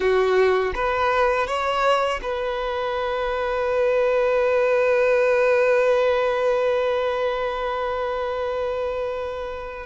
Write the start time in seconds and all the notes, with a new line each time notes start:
0.00 F#4
0.75 B4
1.47 C#5
2.22 B4